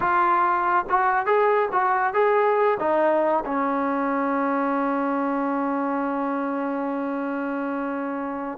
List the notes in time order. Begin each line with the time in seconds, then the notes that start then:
0.00 F4
0.89 F#4
1.26 G#4
1.71 F#4
2.13 G#4
2.79 D#4
3.45 C#4